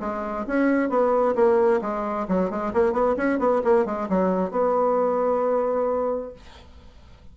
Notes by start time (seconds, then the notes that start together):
0.00 G#3
0.47 C#4
0.89 B3
1.35 A#3
1.81 G#3
2.28 F#3
2.50 G#3
2.73 A#3
2.92 B3
3.17 C#4
3.39 B3
3.64 A#3
3.85 G#3
4.09 F#3
4.51 B3